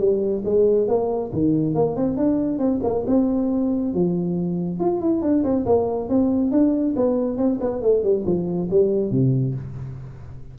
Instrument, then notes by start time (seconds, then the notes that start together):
tuba
0.00 G3
0.45 G#3
0.88 A#3
1.33 D#3
1.75 A#3
1.97 C4
2.17 D4
2.59 C4
2.84 A#3
3.08 C4
3.94 F3
4.80 F4
5.01 E4
5.22 D4
5.44 C4
5.66 A#3
6.09 C4
6.52 D4
6.97 B3
7.38 C4
7.61 B3
7.82 A3
8.04 G3
8.26 F3
8.71 G3
9.11 C3